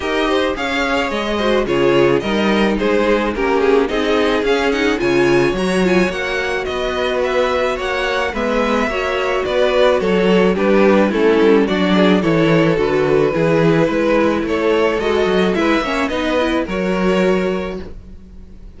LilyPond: <<
  \new Staff \with { instrumentName = "violin" } { \time 4/4 \tempo 4 = 108 dis''4 f''4 dis''4 cis''4 | dis''4 c''4 ais'8 gis'8 dis''4 | f''8 fis''8 gis''4 ais''8 gis''8 fis''4 | dis''4 e''4 fis''4 e''4~ |
e''4 d''4 cis''4 b'4 | a'4 d''4 cis''4 b'4~ | b'2 cis''4 dis''4 | e''4 dis''4 cis''2 | }
  \new Staff \with { instrumentName = "violin" } { \time 4/4 ais'8 c''8 cis''4. c''8 gis'4 | ais'4 gis'4 g'4 gis'4~ | gis'4 cis''2. | b'2 cis''4 b'4 |
cis''4 b'4 a'4 g'4 | e'4 fis'8 gis'8 a'2 | gis'4 b'4 a'2 | b'8 cis''8 b'4 ais'2 | }
  \new Staff \with { instrumentName = "viola" } { \time 4/4 g'4 gis'4. fis'8 f'4 | dis'2 cis'4 dis'4 | cis'8 dis'8 f'4 fis'8 f'8 fis'4~ | fis'2. b4 |
fis'2. d'4 | cis'4 d'4 e'4 fis'4 | e'2. fis'4 | e'8 cis'8 dis'8 e'8 fis'2 | }
  \new Staff \with { instrumentName = "cello" } { \time 4/4 dis'4 cis'4 gis4 cis4 | g4 gis4 ais4 c'4 | cis'4 cis4 fis4 ais4 | b2 ais4 gis4 |
ais4 b4 fis4 g4 | a8 g8 fis4 e4 d4 | e4 gis4 a4 gis8 fis8 | gis8 ais8 b4 fis2 | }
>>